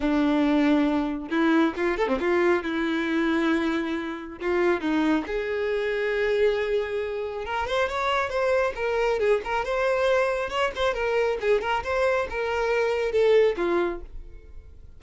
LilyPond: \new Staff \with { instrumentName = "violin" } { \time 4/4 \tempo 4 = 137 d'2. e'4 | f'8 a'16 c'16 f'4 e'2~ | e'2 f'4 dis'4 | gis'1~ |
gis'4 ais'8 c''8 cis''4 c''4 | ais'4 gis'8 ais'8 c''2 | cis''8 c''8 ais'4 gis'8 ais'8 c''4 | ais'2 a'4 f'4 | }